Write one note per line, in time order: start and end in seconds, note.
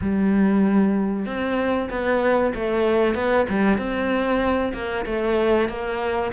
0.01 1.25 G3
1.25 1.89 C4
1.90 2.53 B3
2.54 3.14 A3
3.14 3.46 B3
3.49 3.78 G3
3.78 4.73 C4
4.73 5.05 A#3
5.05 5.68 A3
5.68 6.32 A#3